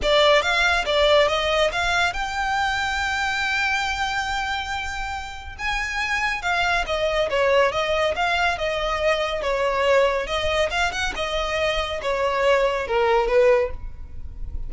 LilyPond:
\new Staff \with { instrumentName = "violin" } { \time 4/4 \tempo 4 = 140 d''4 f''4 d''4 dis''4 | f''4 g''2.~ | g''1~ | g''4 gis''2 f''4 |
dis''4 cis''4 dis''4 f''4 | dis''2 cis''2 | dis''4 f''8 fis''8 dis''2 | cis''2 ais'4 b'4 | }